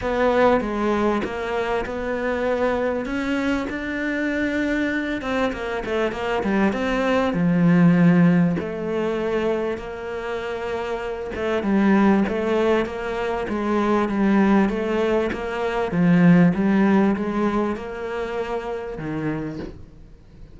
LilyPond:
\new Staff \with { instrumentName = "cello" } { \time 4/4 \tempo 4 = 98 b4 gis4 ais4 b4~ | b4 cis'4 d'2~ | d'8 c'8 ais8 a8 ais8 g8 c'4 | f2 a2 |
ais2~ ais8 a8 g4 | a4 ais4 gis4 g4 | a4 ais4 f4 g4 | gis4 ais2 dis4 | }